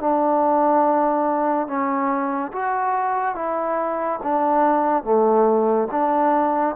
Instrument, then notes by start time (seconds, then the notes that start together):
trombone
0.00 D4
1.67 C#4
2.52 F#4
3.35 E4
4.23 D4
5.04 A3
5.91 D4